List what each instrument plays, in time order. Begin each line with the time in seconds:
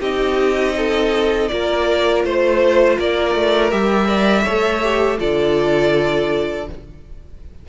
0.00 cello C4, viola D#4, violin G4 D#5
0.77 violin A4
1.49 cello A#3, viola F4, violin A#4 D5
2.25 cello A3, violin C5
2.99 cello A#3, violin A#4 D5
3.35 cello A3
3.71 cello G3, viola G4, violin E5
4.06 viola A#4, violin D5
4.44 cello A3, viola A4, violin C#5
4.83 viola G4
5.19 cello D3, viola F4, violin A4 D5